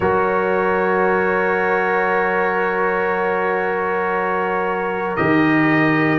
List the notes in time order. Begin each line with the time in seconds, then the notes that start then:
0.00 F#3 F#4 A#4 C#5
5.16 D#3 G4 D#5